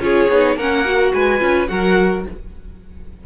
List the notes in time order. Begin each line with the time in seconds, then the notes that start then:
0.00 C#4 F4 G#4 C#5
0.29 B3 D#4
0.56 A#3 C#4 A#4 F#5
0.85 F#4
1.13 G#3 B4 G#5
1.39 C#4 F4
1.68 F#3 F#4 A#4 F#5